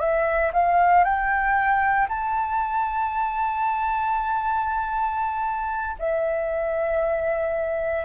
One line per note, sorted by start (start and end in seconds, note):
0.00 0.52 E5
0.53 1.04 F5
1.04 2.08 G5
2.09 5.97 A5
5.99 8.05 E5